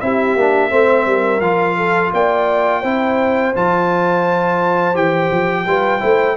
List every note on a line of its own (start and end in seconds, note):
0.00 0.36 C4
0.00 0.38 E4
0.00 0.70 G4
0.00 1.41 E5
0.36 0.71 A#3
0.36 0.70 D4
0.70 1.06 A3
0.70 1.40 C4
0.70 1.05 C5
1.06 1.40 G3
1.06 1.77 A#4
1.40 2.11 F3
1.40 2.83 F4
1.40 2.11 F5
1.77 2.12 A4
2.13 2.84 A#3
2.13 2.80 D5
2.13 3.55 G5
2.80 3.54 C4
2.80 3.54 E4
2.80 5.63 C5
3.54 4.94 F3
3.54 4.94 F4
3.54 4.96 A5
4.94 5.30 E3
4.94 5.64 G4
4.94 6.36 G5
5.31 5.66 F3
5.66 6.01 G3
5.66 6.00 F4
5.66 6.00 B4
6.00 6.36 A3
6.00 6.35 E4
6.00 6.35 C5